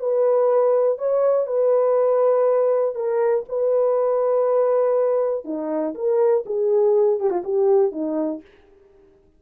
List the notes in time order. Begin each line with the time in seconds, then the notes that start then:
0.00 B4
0.98 C#5
1.47 B4
2.95 A#4
3.49 B4
5.45 D#4
5.95 A#4
6.46 G#4
7.20 G4
7.30 F4
7.44 G4
7.92 D#4